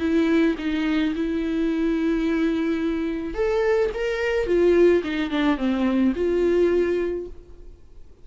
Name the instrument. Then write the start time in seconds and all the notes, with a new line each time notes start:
viola
0.00 E4
0.58 D#4
1.16 E4
3.34 A4
3.94 A#4
4.46 F4
5.04 D#4
5.31 D4
5.58 C4
6.16 F4